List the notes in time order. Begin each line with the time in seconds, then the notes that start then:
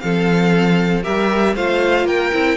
0.00 F3 C4 A4 F5
1.03 G3 G4 A#4 E5
1.55 A3 F4 C5 F5
2.05 A#3 A#4 G5
2.33 C4 E4